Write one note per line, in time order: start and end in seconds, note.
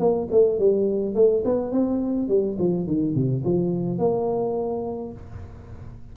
0.00 0.29 A#3
0.31 0.59 A3
0.59 1.15 G3
1.15 1.44 A3
1.45 1.72 B3
1.72 2.29 C4
2.29 2.57 G3
2.59 2.87 F3
2.87 3.15 D#3
3.15 3.44 C3
3.45 3.99 F3
3.99 5.13 A#3